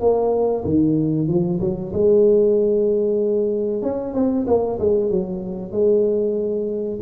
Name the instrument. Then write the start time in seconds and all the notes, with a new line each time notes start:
tuba
0.00 A#3
0.65 D#3
1.28 F3
1.60 F#3
1.93 G#3
3.82 C#4
4.14 C4
4.47 A#3
4.80 G#3
5.10 F#3
5.72 G#3